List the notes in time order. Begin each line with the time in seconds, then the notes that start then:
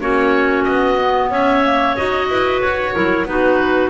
0.00 A#3 C#4 F#4 C#5
0.64 B3 D#5
0.99 B3
1.30 C#4 C#5 E5
1.64 A#3
1.96 D#4 F#4 D#5
2.29 E4 B4
2.61 F#4 C#5
2.93 F#3 E4 A#4
3.25 B3 D#4 F#4 B4